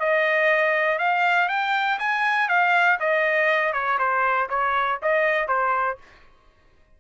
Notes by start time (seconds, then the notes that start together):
0.00 D#5
0.99 F5
1.49 G5
2.00 G#5
2.49 F5
3.00 D#5
3.73 C#5
3.99 C5
4.50 C#5
5.03 D#5
5.48 C5